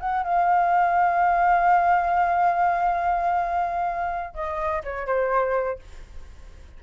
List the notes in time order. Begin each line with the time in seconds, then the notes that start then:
0.00 F#5
0.24 F5
4.35 D#5
4.84 C#5
5.07 C5